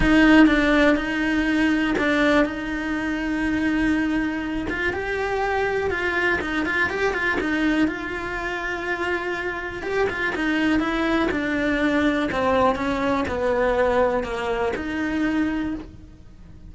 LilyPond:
\new Staff \with { instrumentName = "cello" } { \time 4/4 \tempo 4 = 122 dis'4 d'4 dis'2 | d'4 dis'2.~ | dis'4. f'8 g'2 | f'4 dis'8 f'8 g'8 f'8 dis'4 |
f'1 | g'8 f'8 dis'4 e'4 d'4~ | d'4 c'4 cis'4 b4~ | b4 ais4 dis'2 | }